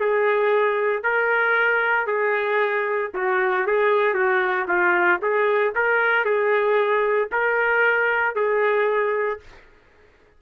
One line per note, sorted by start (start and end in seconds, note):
0.00 1.03 G#4
1.03 2.07 A#4
2.07 3.11 G#4
3.14 3.67 F#4
3.67 4.14 G#4
4.14 4.66 F#4
4.68 5.20 F4
5.22 5.74 G#4
5.75 6.25 A#4
6.25 7.29 G#4
7.32 8.35 A#4
8.35 9.40 G#4